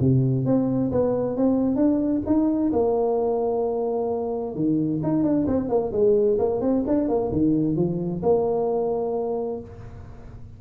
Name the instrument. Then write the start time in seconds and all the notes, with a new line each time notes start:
tuba
0.00 C3
0.46 C4
0.92 B3
1.37 C4
1.76 D4
2.27 D#4
2.73 A#3
4.56 D#3
5.03 D#4
5.24 D4
5.47 C4
5.69 A#3
5.93 G#3
6.39 A#3
6.61 C4
6.87 D4
7.09 A#3
7.32 D#3
7.76 F3
8.23 A#3